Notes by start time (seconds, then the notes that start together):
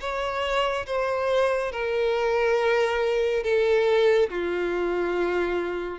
0.00 C#5
0.86 C5
1.72 A#4
3.44 A4
4.30 F4